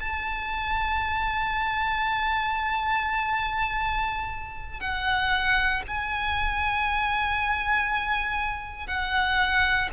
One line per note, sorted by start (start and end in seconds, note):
0.00 4.80 A5
4.80 5.82 F#5
5.88 8.88 G#5
8.88 9.89 F#5